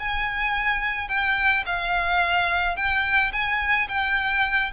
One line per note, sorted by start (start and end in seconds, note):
0.00 1.09 G#5
1.09 1.64 G5
1.66 2.76 F5
2.76 3.32 G5
3.33 3.88 G#5
3.89 4.72 G5